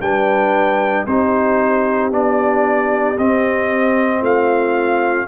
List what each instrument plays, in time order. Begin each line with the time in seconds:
0.00 tuba G3, trombone D4, horn B4, trumpet G5
1.06 tuba C4, trombone D#4, horn G4, trumpet C5
2.11 tuba B3, trombone D4, trumpet D5
3.17 trombone C4, tuba C4, trumpet D#5
4.20 tuba A3, horn F4, trumpet F5